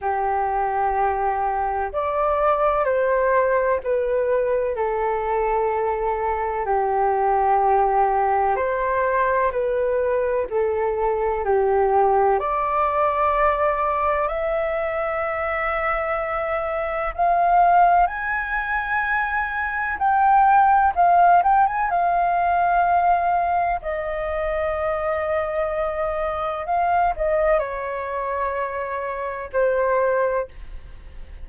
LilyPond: \new Staff \with { instrumentName = "flute" } { \time 4/4 \tempo 4 = 63 g'2 d''4 c''4 | b'4 a'2 g'4~ | g'4 c''4 b'4 a'4 | g'4 d''2 e''4~ |
e''2 f''4 gis''4~ | gis''4 g''4 f''8 g''16 gis''16 f''4~ | f''4 dis''2. | f''8 dis''8 cis''2 c''4 | }